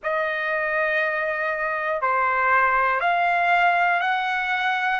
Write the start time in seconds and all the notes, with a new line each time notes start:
0.03 D#5
2.01 C5
3.00 F5
4.00 F#5